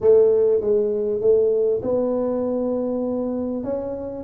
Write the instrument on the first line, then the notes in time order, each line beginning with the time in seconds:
tuba
0.00 A3
0.61 G#3
1.20 A3
1.82 B3
3.63 C#4